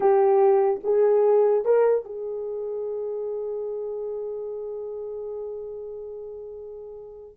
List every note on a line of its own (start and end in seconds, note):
0.00 0.80 G4
0.83 1.64 G#4
1.64 2.05 A#4
2.05 7.37 G#4